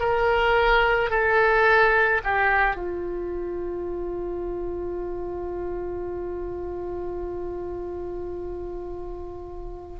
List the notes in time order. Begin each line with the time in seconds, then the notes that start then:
0.00 A#4
1.11 A4
2.24 G4
2.76 F4